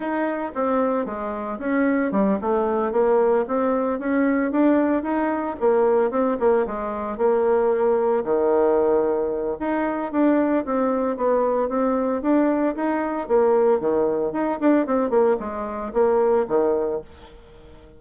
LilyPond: \new Staff \with { instrumentName = "bassoon" } { \time 4/4 \tempo 4 = 113 dis'4 c'4 gis4 cis'4 | g8 a4 ais4 c'4 cis'8~ | cis'8 d'4 dis'4 ais4 c'8 | ais8 gis4 ais2 dis8~ |
dis2 dis'4 d'4 | c'4 b4 c'4 d'4 | dis'4 ais4 dis4 dis'8 d'8 | c'8 ais8 gis4 ais4 dis4 | }